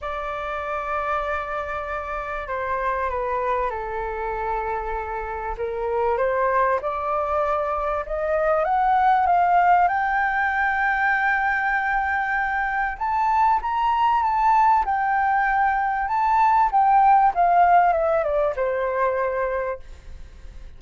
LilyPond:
\new Staff \with { instrumentName = "flute" } { \time 4/4 \tempo 4 = 97 d''1 | c''4 b'4 a'2~ | a'4 ais'4 c''4 d''4~ | d''4 dis''4 fis''4 f''4 |
g''1~ | g''4 a''4 ais''4 a''4 | g''2 a''4 g''4 | f''4 e''8 d''8 c''2 | }